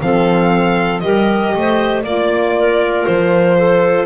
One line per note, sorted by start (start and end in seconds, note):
0.00 1.03 F3
0.00 1.01 C4
0.00 1.03 A4
0.00 1.00 F5
1.00 1.55 G3
1.00 2.03 G4
1.00 1.54 A#4
1.00 2.01 D#5
1.55 2.04 A3
1.55 2.03 C5
2.03 3.05 A#3
2.03 4.06 F4
2.03 2.53 D5
2.03 3.06 D5
2.58 3.58 A#4
3.06 4.06 F3
3.06 4.06 C5
3.58 4.06 A4